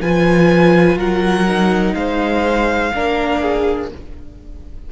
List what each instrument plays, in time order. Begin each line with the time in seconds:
0.00 cello F3, viola F4, violin B4 G#5
0.96 cello F#3, violin A#4 F#5
1.47 viola D#4
1.94 cello G#3, violin C5 F5
2.93 cello A#3, viola D4, violin A#4
3.41 violin G#4